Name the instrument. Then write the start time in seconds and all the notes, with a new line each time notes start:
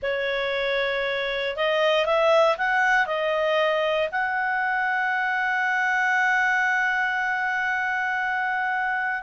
clarinet
0.02 C#5
1.56 D#5
2.05 E5
2.57 F#5
3.06 D#5
4.11 F#5